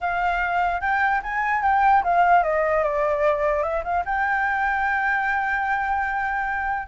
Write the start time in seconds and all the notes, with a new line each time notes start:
0.00 F5
0.80 G5
1.22 G#5
1.62 G5
2.03 F5
2.43 D#5
2.83 D5
3.62 E5
3.84 F5
4.05 G5